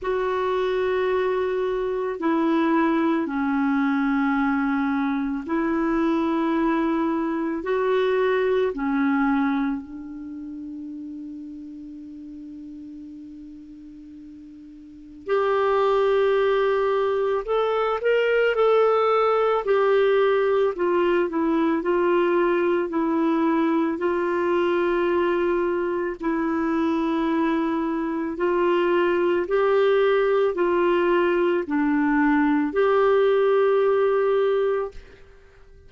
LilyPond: \new Staff \with { instrumentName = "clarinet" } { \time 4/4 \tempo 4 = 55 fis'2 e'4 cis'4~ | cis'4 e'2 fis'4 | cis'4 d'2.~ | d'2 g'2 |
a'8 ais'8 a'4 g'4 f'8 e'8 | f'4 e'4 f'2 | e'2 f'4 g'4 | f'4 d'4 g'2 | }